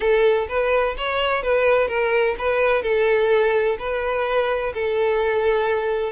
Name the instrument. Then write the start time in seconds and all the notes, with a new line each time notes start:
violin
0.00 A4
0.48 B4
0.97 C#5
1.42 B4
1.88 A#4
2.38 B4
2.82 A4
3.78 B4
4.74 A4